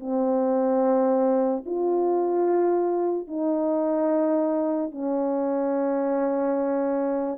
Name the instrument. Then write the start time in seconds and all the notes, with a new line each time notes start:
horn
0.00 C4
1.66 F4
3.28 D#4
4.92 C#4